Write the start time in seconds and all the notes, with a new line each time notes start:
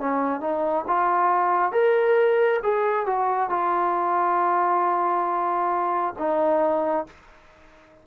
0.00 C#4
0.41 D#4
0.87 F4
1.72 A#4
2.63 G#4
3.06 F#4
3.50 F4
6.18 D#4